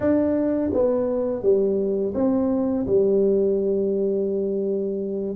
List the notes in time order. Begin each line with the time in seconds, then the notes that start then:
0.00 D4
0.73 B3
1.42 G3
2.14 C4
2.86 G3